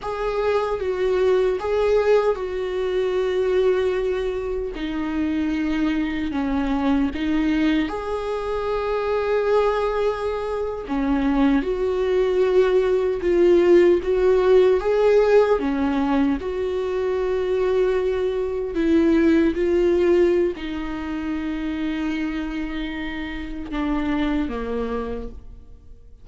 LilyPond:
\new Staff \with { instrumentName = "viola" } { \time 4/4 \tempo 4 = 76 gis'4 fis'4 gis'4 fis'4~ | fis'2 dis'2 | cis'4 dis'4 gis'2~ | gis'4.~ gis'16 cis'4 fis'4~ fis'16~ |
fis'8. f'4 fis'4 gis'4 cis'16~ | cis'8. fis'2. e'16~ | e'8. f'4~ f'16 dis'2~ | dis'2 d'4 ais4 | }